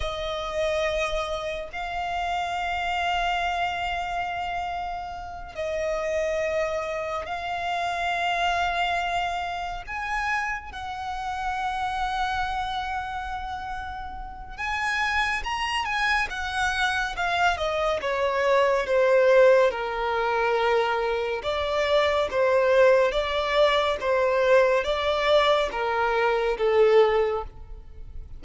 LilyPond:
\new Staff \with { instrumentName = "violin" } { \time 4/4 \tempo 4 = 70 dis''2 f''2~ | f''2~ f''8 dis''4.~ | dis''8 f''2. gis''8~ | gis''8 fis''2.~ fis''8~ |
fis''4 gis''4 ais''8 gis''8 fis''4 | f''8 dis''8 cis''4 c''4 ais'4~ | ais'4 d''4 c''4 d''4 | c''4 d''4 ais'4 a'4 | }